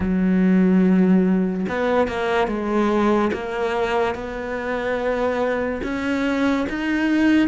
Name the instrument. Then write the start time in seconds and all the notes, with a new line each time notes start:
cello
0.00 F#3
1.68 B3
2.07 A#3
2.47 G#3
3.33 A#3
4.14 B3
5.83 C#4
6.69 D#4